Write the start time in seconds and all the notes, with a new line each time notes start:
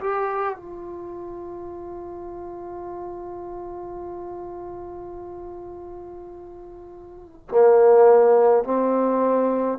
0.00 G4
0.56 F4
7.49 A#3
8.64 C4